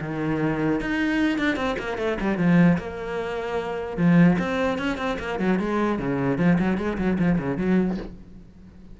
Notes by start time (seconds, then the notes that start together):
0.00 D#3
0.80 D#4
1.38 D4
1.56 C4
1.78 A#3
1.97 A3
2.20 G3
2.37 F3
2.77 A#3
3.97 F3
4.38 C4
4.78 C#4
4.97 C4
5.19 A#3
5.39 F#3
5.59 G#3
5.98 C#3
6.38 F3
6.59 F#3
6.77 G#3
6.97 F#3
7.18 F3
7.38 C#3
7.57 F#3